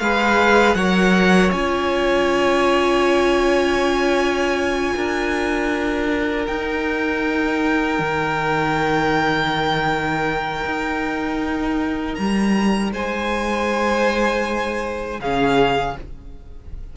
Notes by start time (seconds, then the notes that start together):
0.00 G#3 G#4 B4 F5
0.75 F#3 A#4 C#5 F#5
1.52 C#4 F4 G#5
4.96 D4 A#4
6.47 D#4 G5
7.99 D#3
10.66 D#4
12.15 G3 A#5
12.92 G#3 C5 G#5
15.20 C#3 C#4 G#4 F5